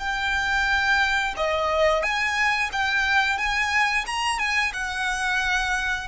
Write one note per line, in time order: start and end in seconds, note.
0.00 1.35 G5
1.37 2.03 D#5
2.03 2.71 G#5
2.73 3.38 G5
3.38 4.06 G#5
4.07 4.39 A#5
4.39 4.73 G#5
4.74 6.08 F#5